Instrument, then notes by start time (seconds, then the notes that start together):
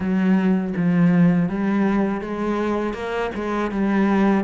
cello
0.00 F#3
0.76 F3
1.48 G3
2.21 G#3
2.93 A#3
3.34 G#3
3.71 G3